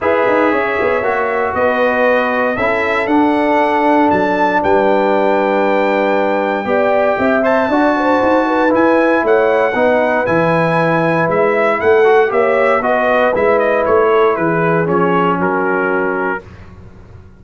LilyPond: <<
  \new Staff \with { instrumentName = "trumpet" } { \time 4/4 \tempo 4 = 117 e''2. dis''4~ | dis''4 e''4 fis''2 | a''4 g''2.~ | g''2~ g''8 a''4.~ |
a''4 gis''4 fis''2 | gis''2 e''4 fis''4 | e''4 dis''4 e''8 dis''8 cis''4 | b'4 cis''4 ais'2 | }
  \new Staff \with { instrumentName = "horn" } { \time 4/4 b'4 cis''2 b'4~ | b'4 a'2.~ | a'4 b'2.~ | b'4 d''4 e''4 d''8 c''8~ |
c''8 b'4. cis''4 b'4~ | b'2. a'4 | cis''4 b'2~ b'8 a'8 | gis'2 fis'2 | }
  \new Staff \with { instrumentName = "trombone" } { \time 4/4 gis'2 fis'2~ | fis'4 e'4 d'2~ | d'1~ | d'4 g'4. c''8 fis'4~ |
fis'4 e'2 dis'4 | e'2.~ e'8 fis'8 | g'4 fis'4 e'2~ | e'4 cis'2. | }
  \new Staff \with { instrumentName = "tuba" } { \time 4/4 e'8 dis'8 cis'8 b8 ais4 b4~ | b4 cis'4 d'2 | fis4 g2.~ | g4 b4 c'4 d'4 |
dis'4 e'4 a4 b4 | e2 gis4 a4 | ais4 b4 gis4 a4 | e4 f4 fis2 | }
>>